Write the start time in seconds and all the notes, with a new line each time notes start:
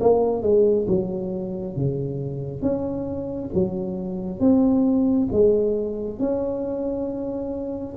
0.00 A#3
0.42 G#3
0.87 F#3
1.76 C#3
2.61 C#4
3.54 F#3
4.40 C4
5.32 G#3
6.19 C#4